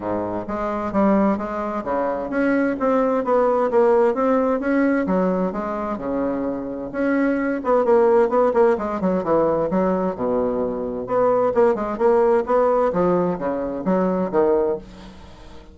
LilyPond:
\new Staff \with { instrumentName = "bassoon" } { \time 4/4 \tempo 4 = 130 gis,4 gis4 g4 gis4 | cis4 cis'4 c'4 b4 | ais4 c'4 cis'4 fis4 | gis4 cis2 cis'4~ |
cis'8 b8 ais4 b8 ais8 gis8 fis8 | e4 fis4 b,2 | b4 ais8 gis8 ais4 b4 | f4 cis4 fis4 dis4 | }